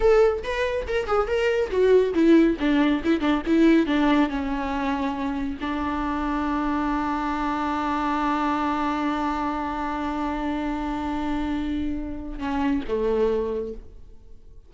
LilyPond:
\new Staff \with { instrumentName = "viola" } { \time 4/4 \tempo 4 = 140 a'4 b'4 ais'8 gis'8 ais'4 | fis'4 e'4 d'4 e'8 d'8 | e'4 d'4 cis'2~ | cis'4 d'2.~ |
d'1~ | d'1~ | d'1~ | d'4 cis'4 a2 | }